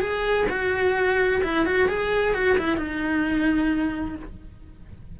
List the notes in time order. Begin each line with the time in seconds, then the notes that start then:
0.00 G#4
0.49 F#4
1.43 E4
1.65 F#4
1.88 G#4
2.34 F#4
2.58 E4
2.77 D#4